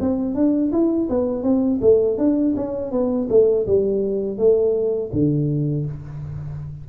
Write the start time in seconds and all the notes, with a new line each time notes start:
0.00 C4
0.35 D4
0.72 E4
1.09 B3
1.43 C4
1.81 A3
2.18 D4
2.56 C#4
2.91 B3
3.29 A3
3.67 G3
4.37 A3
5.12 D3